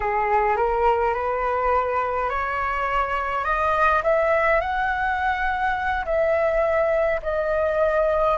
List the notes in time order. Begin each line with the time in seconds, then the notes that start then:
0.00 G#4
0.56 A#4
1.14 B4
2.29 C#5
3.44 D#5
4.03 E5
4.60 F#5
6.05 E5
7.22 D#5